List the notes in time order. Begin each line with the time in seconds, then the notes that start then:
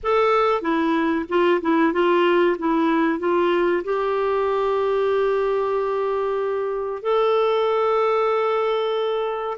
0.03 A4
0.61 E4
1.29 F4
1.61 E4
1.92 F4
2.58 E4
3.19 F4
3.84 G4
7.02 A4